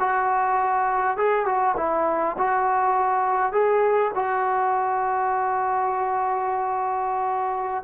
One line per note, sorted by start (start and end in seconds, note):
0.00 1.18 F#4
1.18 1.46 G#4
1.46 1.76 F#4
1.77 2.37 E4
2.38 3.53 F#4
3.53 4.12 G#4
4.15 7.84 F#4